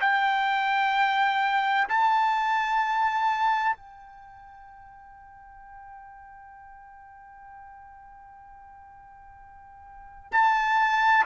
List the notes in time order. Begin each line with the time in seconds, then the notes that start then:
0.00 G5
1.88 A5
3.76 G5
10.31 A5